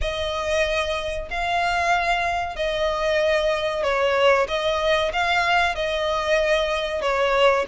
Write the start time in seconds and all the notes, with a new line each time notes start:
0.01 D#5
1.30 F5
2.56 D#5
3.83 C#5
4.48 D#5
5.12 F5
5.75 D#5
7.01 C#5